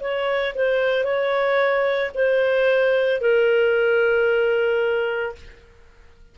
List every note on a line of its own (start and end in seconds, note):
0.00 0.54 C#5
0.55 1.04 C5
1.04 2.11 C#5
2.14 3.20 C5
3.20 5.35 A#4